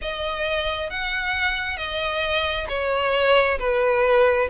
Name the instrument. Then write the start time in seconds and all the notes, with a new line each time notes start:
violin
0.01 D#5
0.90 F#5
1.77 D#5
2.68 C#5
3.58 B4